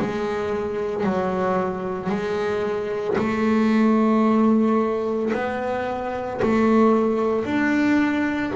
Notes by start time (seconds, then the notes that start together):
0.00 G#3
1.04 F#3
2.09 G#3
3.18 A3
5.34 B3
6.43 A3
7.45 D4